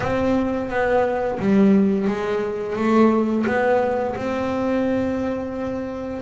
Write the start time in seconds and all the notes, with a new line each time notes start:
0.00 C4
0.69 B3
1.39 G3
2.07 G#3
2.76 A3
3.46 B3
4.15 C4